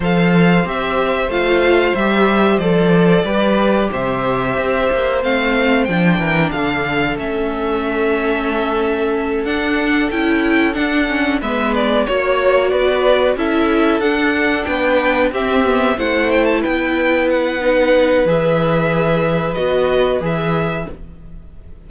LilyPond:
<<
  \new Staff \with { instrumentName = "violin" } { \time 4/4 \tempo 4 = 92 f''4 e''4 f''4 e''4 | d''2 e''2 | f''4 g''4 f''4 e''4~ | e''2~ e''8 fis''4 g''8~ |
g''8 fis''4 e''8 d''8 cis''4 d''8~ | d''8 e''4 fis''4 g''4 e''8~ | e''8 fis''8 g''16 a''16 g''4 fis''4. | e''2 dis''4 e''4 | }
  \new Staff \with { instrumentName = "violin" } { \time 4/4 c''1~ | c''4 b'4 c''2~ | c''4. ais'8 a'2~ | a'1~ |
a'4. b'4 cis''4 b'8~ | b'8 a'2 b'4 g'8~ | g'8 c''4 b'2~ b'8~ | b'1 | }
  \new Staff \with { instrumentName = "viola" } { \time 4/4 a'4 g'4 f'4 g'4 | a'4 g'2. | c'4 d'2 cis'4~ | cis'2~ cis'8 d'4 e'8~ |
e'8 d'8 cis'8 b4 fis'4.~ | fis'8 e'4 d'2 c'8 | b8 e'2~ e'8 dis'4 | gis'2 fis'4 gis'4 | }
  \new Staff \with { instrumentName = "cello" } { \time 4/4 f4 c'4 a4 g4 | f4 g4 c4 c'8 ais8 | a4 f8 e8 d4 a4~ | a2~ a8 d'4 cis'8~ |
cis'8 d'4 gis4 ais4 b8~ | b8 cis'4 d'4 b4 c'8~ | c'8 a4 b2~ b8 | e2 b4 e4 | }
>>